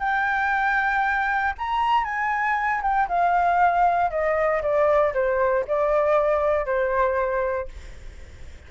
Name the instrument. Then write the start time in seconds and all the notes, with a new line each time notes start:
flute
0.00 G5
1.59 A#5
2.05 G#5
2.82 G5
3.08 F5
4.11 D#5
4.62 D5
5.14 C5
5.67 D5
6.66 C5